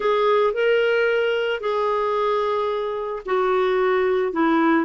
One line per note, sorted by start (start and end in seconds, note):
0.00 0.53 G#4
0.53 1.60 A#4
1.60 3.22 G#4
3.25 4.32 F#4
4.32 4.85 E4